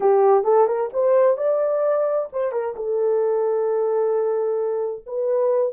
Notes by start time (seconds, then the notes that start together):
0.00 G4
0.44 A4
0.67 A#4
0.93 C5
1.37 D5
2.32 C5
2.52 A#4
2.76 A4
5.06 B4